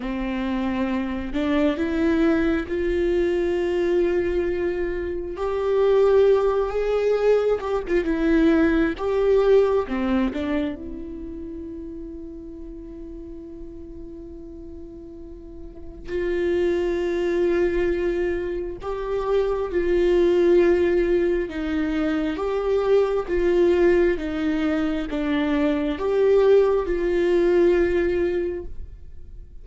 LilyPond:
\new Staff \with { instrumentName = "viola" } { \time 4/4 \tempo 4 = 67 c'4. d'8 e'4 f'4~ | f'2 g'4. gis'8~ | gis'8 g'16 f'16 e'4 g'4 c'8 d'8 | e'1~ |
e'2 f'2~ | f'4 g'4 f'2 | dis'4 g'4 f'4 dis'4 | d'4 g'4 f'2 | }